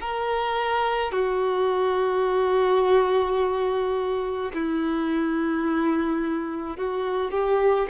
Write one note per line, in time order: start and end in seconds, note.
0.00 1.11 A#4
1.11 4.51 F#4
4.53 6.77 E4
6.77 7.30 F#4
7.30 7.87 G4